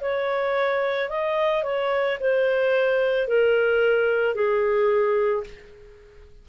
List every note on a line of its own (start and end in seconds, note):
0.00 1.09 C#5
1.09 1.63 D#5
1.63 2.18 C#5
2.20 3.27 C5
3.27 4.34 A#4
4.34 5.43 G#4